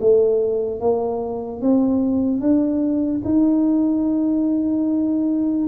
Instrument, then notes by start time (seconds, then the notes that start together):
tuba
0.00 A3
0.80 A#3
1.61 C4
2.40 D4
3.24 D#4